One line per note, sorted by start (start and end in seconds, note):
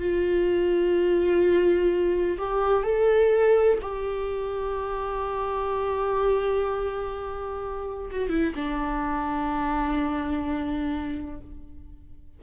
0.00 2.38 F4
2.39 2.84 G4
2.84 3.79 A4
3.82 8.11 G4
8.11 8.30 F#4
8.30 8.54 E4
8.55 11.41 D4